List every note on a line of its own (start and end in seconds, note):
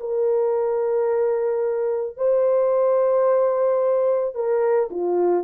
0.00 2.17 A#4
2.17 4.35 C5
4.35 4.89 A#4
4.90 5.44 F4